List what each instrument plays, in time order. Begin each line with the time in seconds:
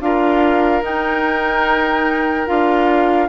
0.00 bassoon D4, clarinet F4, oboe A#4, flute F5
0.82 bassoon D#4, clarinet D#4, flute G5
2.46 bassoon D4, clarinet F4, flute F5